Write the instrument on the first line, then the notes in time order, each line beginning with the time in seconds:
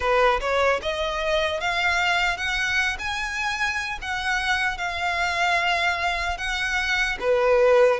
violin
0.00 B4
0.40 C#5
0.81 D#5
1.60 F5
2.37 F#5
2.98 G#5
4.01 F#5
4.77 F5
6.37 F#5
7.20 B4